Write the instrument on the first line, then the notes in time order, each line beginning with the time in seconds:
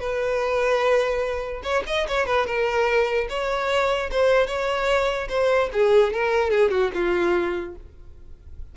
violin
0.00 B4
1.63 C#5
1.87 D#5
2.08 C#5
2.26 B4
2.46 A#4
3.29 C#5
4.11 C5
4.47 C#5
5.29 C5
5.73 G#4
6.13 A#4
6.50 G#4
6.71 F#4
6.94 F4